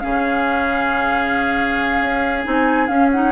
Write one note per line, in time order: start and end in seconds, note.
0.00 2.01 C#3
0.00 2.44 C#4
0.00 3.33 G#4
0.00 2.44 F5
2.01 2.45 C#4
2.44 2.89 C4
2.44 2.88 D#4
2.44 2.87 G#5
2.87 3.10 C#4
2.87 3.33 C#4
2.87 3.10 F5
3.12 3.33 D#4
3.12 3.33 F#5